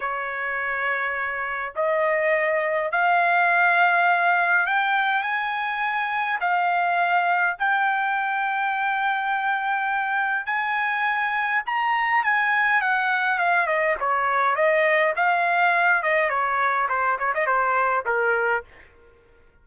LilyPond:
\new Staff \with { instrumentName = "trumpet" } { \time 4/4 \tempo 4 = 103 cis''2. dis''4~ | dis''4 f''2. | g''4 gis''2 f''4~ | f''4 g''2.~ |
g''2 gis''2 | ais''4 gis''4 fis''4 f''8 dis''8 | cis''4 dis''4 f''4. dis''8 | cis''4 c''8 cis''16 dis''16 c''4 ais'4 | }